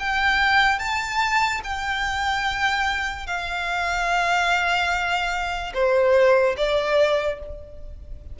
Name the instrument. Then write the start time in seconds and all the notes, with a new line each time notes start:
violin
0.00 G5
0.79 A5
1.64 G5
3.27 F5
5.74 C5
6.58 D5